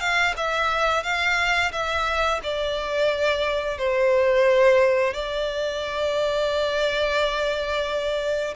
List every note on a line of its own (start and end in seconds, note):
0.00 0.34 F5
0.37 1.03 E5
1.03 1.71 F5
1.72 2.40 E5
2.43 3.78 D5
3.78 5.14 C5
5.14 8.54 D5